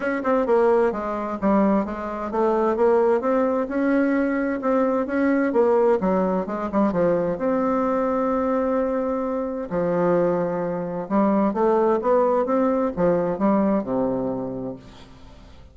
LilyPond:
\new Staff \with { instrumentName = "bassoon" } { \time 4/4 \tempo 4 = 130 cis'8 c'8 ais4 gis4 g4 | gis4 a4 ais4 c'4 | cis'2 c'4 cis'4 | ais4 fis4 gis8 g8 f4 |
c'1~ | c'4 f2. | g4 a4 b4 c'4 | f4 g4 c2 | }